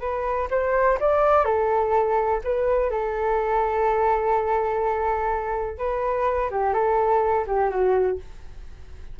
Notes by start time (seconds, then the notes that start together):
0.00 B4
0.50 C5
1.00 D5
1.45 A4
2.44 B4
2.90 A4
5.78 B4
6.50 G4
6.74 A4
7.46 G4
7.70 F#4